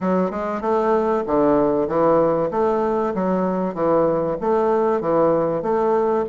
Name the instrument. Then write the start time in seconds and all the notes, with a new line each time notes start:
bassoon
0.01 F#3
0.30 G#3
0.61 A3
1.26 D3
1.87 E3
2.51 A3
3.14 F#3
3.74 E3
4.40 A3
5.01 E3
5.62 A3